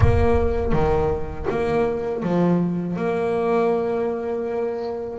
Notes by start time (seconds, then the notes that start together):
0.00 A#3
0.72 D#3
1.49 A#3
2.23 F3
2.96 A#3